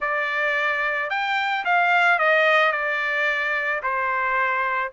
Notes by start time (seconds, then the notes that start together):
0.00 D5
1.09 G5
1.64 F5
2.18 D#5
2.71 D5
3.82 C5